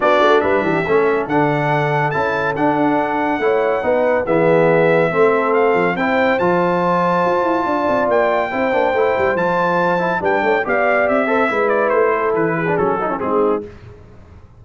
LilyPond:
<<
  \new Staff \with { instrumentName = "trumpet" } { \time 4/4 \tempo 4 = 141 d''4 e''2 fis''4~ | fis''4 a''4 fis''2~ | fis''2 e''2~ | e''4 f''4 g''4 a''4~ |
a''2. g''4~ | g''2 a''2 | g''4 f''4 e''4. d''8 | c''4 b'4 a'4 gis'4 | }
  \new Staff \with { instrumentName = "horn" } { \time 4/4 fis'4 b'8 g'8 a'2~ | a'1 | cis''4 b'4 gis'2 | a'2 c''2~ |
c''2 d''2 | c''1 | b'8 cis''8 d''4. c''8 b'4~ | b'8 a'4 gis'4 fis'16 e'16 dis'4 | }
  \new Staff \with { instrumentName = "trombone" } { \time 4/4 d'2 cis'4 d'4~ | d'4 e'4 d'2 | e'4 dis'4 b2 | c'2 e'4 f'4~ |
f'1 | e'8 d'8 e'4 f'4. e'8 | d'4 g'4. a'8 e'4~ | e'4.~ e'16 d'16 cis'8 dis'16 cis'16 c'4 | }
  \new Staff \with { instrumentName = "tuba" } { \time 4/4 b8 a8 g8 e8 a4 d4~ | d4 cis'4 d'2 | a4 b4 e2 | a4. f8 c'4 f4~ |
f4 f'8 e'8 d'8 c'8 ais4 | c'8 ais8 a8 g8 f2 | g8 a8 b4 c'4 gis4 | a4 e4 fis4 gis4 | }
>>